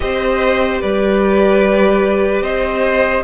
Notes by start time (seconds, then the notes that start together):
0.00 C4 G4 C5 D#5
0.81 G3 B4 D5
2.41 C4 C5 D#5